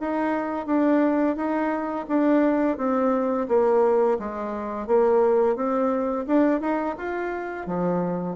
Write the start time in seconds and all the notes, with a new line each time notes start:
0.00 D#4
0.66 D4
1.36 D#4
2.08 D4
2.77 C4
3.48 A#3
4.19 G#3
4.87 A#3
5.56 C4
6.27 D4
6.60 D#4
6.98 F4
7.66 F3